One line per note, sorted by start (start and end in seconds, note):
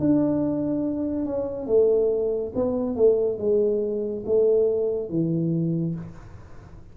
0.00 1.25 D4
1.25 1.67 C#4
1.67 2.53 A3
2.56 2.96 B3
2.96 3.38 A3
3.38 4.24 G#3
4.26 5.10 A3
5.10 5.95 E3